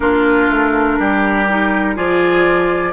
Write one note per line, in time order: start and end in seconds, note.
0.00 0.49 A#3
0.00 1.46 D4
0.00 0.99 F4
0.00 1.96 A#4
0.49 0.98 A3
0.99 1.96 G3
0.99 1.95 G4
1.49 1.95 D#4
1.95 2.92 F3
1.95 2.92 F4
1.95 2.92 G#4
1.95 2.92 D5